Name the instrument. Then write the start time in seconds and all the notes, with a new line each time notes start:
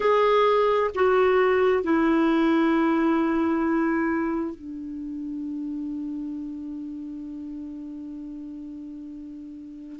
clarinet
0.00 G#4
0.94 F#4
1.83 E4
4.55 D4